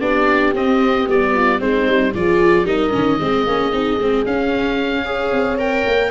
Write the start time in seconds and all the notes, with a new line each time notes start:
0.00 B3 D4 G4 D5
0.54 C4 D#5
1.06 G3 B3 D5
1.33 F4
1.58 G#3 C4 D#4 C5
1.87 G3
2.13 F3 F4 G#4 D5
2.63 G3 D#4 A#4 D#5
2.90 D#3 C#4
3.19 G#3 C4 G#4
3.46 A#3 C#4
3.72 C4 D#4
3.98 G#3 C4
4.25 C#4 F5
5.03 G#4 C#5
5.31 C4
5.58 A#4 G5
5.86 A#3